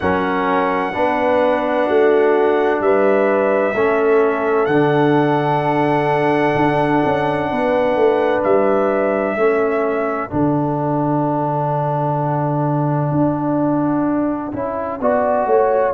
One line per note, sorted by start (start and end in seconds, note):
0.00 0.95 F#3
0.00 0.93 C#4
0.00 0.93 A#4
0.00 2.81 F#5
0.93 1.88 B3
0.93 3.74 D4
0.93 1.86 B4
1.86 2.80 A3
1.86 2.80 F#4
2.80 3.73 G3
2.80 3.74 B4
2.80 4.65 E5
3.74 4.67 A3
3.74 4.69 C#4
3.74 7.49 A4
4.65 6.54 D3
4.65 9.38 D4
4.65 8.40 F#5
6.55 7.02 D4
7.05 7.51 C#4
7.51 7.96 B3
7.51 9.37 B4
7.96 8.43 A3
8.43 9.36 G3
8.43 10.28 E5
9.36 10.30 A3
9.36 10.30 C#4
9.36 14.99 A4
10.28 13.11 D3
10.28 14.52 D4
10.28 15.90 F#5
13.11 14.52 D4
14.53 15.00 C#4
14.53 14.99 E4
15.00 15.46 B3
15.00 15.93 F#4
15.00 15.47 D5
15.46 15.93 A3
15.46 15.93 C#5